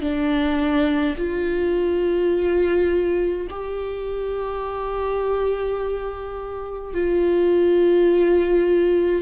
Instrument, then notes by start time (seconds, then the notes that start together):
viola
0.00 D4
1.16 F4
3.50 G4
6.93 F4